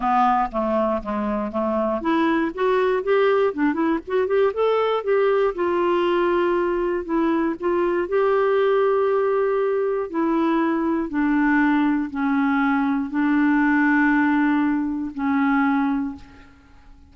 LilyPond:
\new Staff \with { instrumentName = "clarinet" } { \time 4/4 \tempo 4 = 119 b4 a4 gis4 a4 | e'4 fis'4 g'4 d'8 e'8 | fis'8 g'8 a'4 g'4 f'4~ | f'2 e'4 f'4 |
g'1 | e'2 d'2 | cis'2 d'2~ | d'2 cis'2 | }